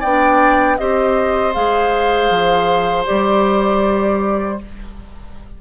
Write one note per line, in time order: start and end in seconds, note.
0.00 0.79 B3
0.00 0.78 D4
0.00 0.76 D5
0.00 0.78 G5
0.78 1.55 C4
0.78 1.54 G4
0.78 4.60 C5
0.78 1.53 D#5
1.54 2.30 G#3
1.54 3.06 G#4
1.54 3.06 F5
2.30 3.06 F3
3.06 4.61 G3
3.06 4.58 G4
3.06 4.58 D5